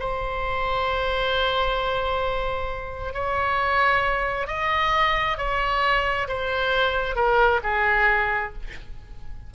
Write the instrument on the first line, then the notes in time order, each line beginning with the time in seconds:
oboe
0.00 C5
3.14 C#5
4.48 D#5
5.38 C#5
6.28 C5
7.16 A#4
7.63 G#4